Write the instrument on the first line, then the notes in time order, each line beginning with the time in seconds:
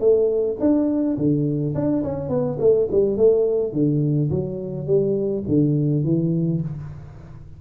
tuba
0.00 A3
0.60 D4
1.17 D3
1.75 D4
2.04 C#4
2.29 B3
2.59 A3
2.91 G3
3.17 A3
3.73 D3
4.30 F#3
4.87 G3
5.48 D3
6.04 E3